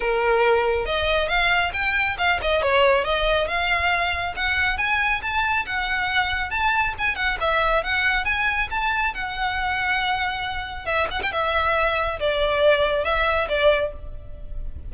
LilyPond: \new Staff \with { instrumentName = "violin" } { \time 4/4 \tempo 4 = 138 ais'2 dis''4 f''4 | g''4 f''8 dis''8 cis''4 dis''4 | f''2 fis''4 gis''4 | a''4 fis''2 a''4 |
gis''8 fis''8 e''4 fis''4 gis''4 | a''4 fis''2.~ | fis''4 e''8 fis''16 g''16 e''2 | d''2 e''4 d''4 | }